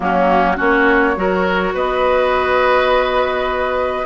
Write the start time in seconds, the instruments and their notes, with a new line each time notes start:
0.00 bassoon F#3, clarinet A#3, oboe C#4, flute F#4
0.56 bassoon A#3, clarinet C#4, oboe F#4, flute C#5
1.15 bassoon F#3, clarinet F#4, oboe A#4
1.73 bassoon B3, oboe B4, flute D#5